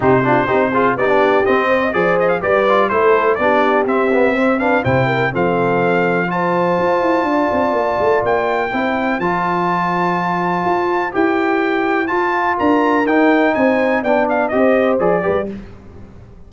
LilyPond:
<<
  \new Staff \with { instrumentName = "trumpet" } { \time 4/4 \tempo 4 = 124 c''2 d''4 dis''4 | d''8 dis''16 f''16 d''4 c''4 d''4 | e''4. f''8 g''4 f''4~ | f''4 a''2.~ |
a''4 g''2 a''4~ | a''2. g''4~ | g''4 a''4 ais''4 g''4 | gis''4 g''8 f''8 dis''4 d''4 | }
  \new Staff \with { instrumentName = "horn" } { \time 4/4 g'8 f'8 g'8 gis'8 g'4. c''16 dis''16 | c''4 b'4 a'4 g'4~ | g'4 c''8 b'8 c''8 ais'8 a'4~ | a'4 c''2 d''4~ |
d''2 c''2~ | c''1~ | c''2 ais'2 | c''4 d''4 c''4. b'8 | }
  \new Staff \with { instrumentName = "trombone" } { \time 4/4 dis'8 d'8 dis'8 f'8 dis'16 d'8. c'4 | gis'4 g'8 f'8 e'4 d'4 | c'8 b8 c'8 d'8 e'4 c'4~ | c'4 f'2.~ |
f'2 e'4 f'4~ | f'2. g'4~ | g'4 f'2 dis'4~ | dis'4 d'4 g'4 gis'8 g'8 | }
  \new Staff \with { instrumentName = "tuba" } { \time 4/4 c4 c'4 b4 c'4 | f4 g4 a4 b4 | c'2 c4 f4~ | f2 f'8 e'8 d'8 c'8 |
ais8 a8 ais4 c'4 f4~ | f2 f'4 e'4~ | e'4 f'4 d'4 dis'4 | c'4 b4 c'4 f8 g8 | }
>>